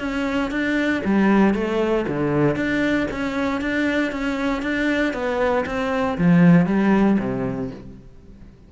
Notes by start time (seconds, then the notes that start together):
0.00 C#4
0.51 D4
1.05 G3
1.55 A3
2.08 D3
2.56 D4
3.11 C#4
3.62 D4
4.12 C#4
4.62 D4
5.14 B3
5.66 C4
6.18 F3
6.67 G3
7.20 C3